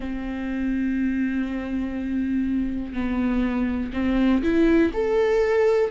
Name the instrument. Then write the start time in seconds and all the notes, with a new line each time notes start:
viola
0.00 C4
2.93 B3
3.93 C4
4.43 E4
4.93 A4